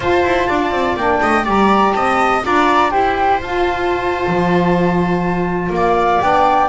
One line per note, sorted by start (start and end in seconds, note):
0.00 0.24 F4
0.00 0.98 F4
0.00 0.47 C5
0.00 0.97 A5
0.24 0.48 E4
0.47 0.70 D4
0.47 1.21 D5
0.70 0.95 C4
0.96 1.20 A#3
0.96 1.43 D4
0.96 1.45 G5
1.21 1.46 A3
1.21 1.44 D#5
1.43 1.94 G3
1.43 2.41 G4
1.43 1.93 D5
1.43 1.92 A#5
1.92 2.43 C4
1.92 2.44 D#5
1.92 2.41 A5
2.41 2.93 D4
2.41 2.90 F4
2.41 2.90 D5
2.41 2.90 A#5
2.90 3.41 E4
2.90 3.39 G4
2.90 5.71 C5
2.90 3.39 G5
3.41 4.26 F4
3.41 6.21 F4
3.41 5.74 A5
4.27 5.69 F3
5.69 6.18 A#3
5.69 6.21 F5
5.75 6.68 D5
6.21 6.68 B3
6.21 6.68 D4
6.21 6.68 G5